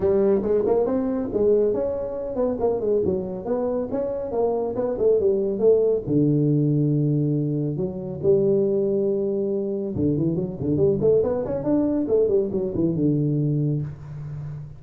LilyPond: \new Staff \with { instrumentName = "tuba" } { \time 4/4 \tempo 4 = 139 g4 gis8 ais8 c'4 gis4 | cis'4. b8 ais8 gis8 fis4 | b4 cis'4 ais4 b8 a8 | g4 a4 d2~ |
d2 fis4 g4~ | g2. d8 e8 | fis8 d8 g8 a8 b8 cis'8 d'4 | a8 g8 fis8 e8 d2 | }